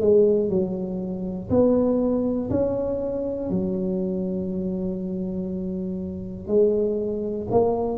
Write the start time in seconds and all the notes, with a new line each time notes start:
0.00 G#3
0.49 F#3
1.49 B3
2.50 C#4
3.50 F#3
6.47 G#3
7.50 A#3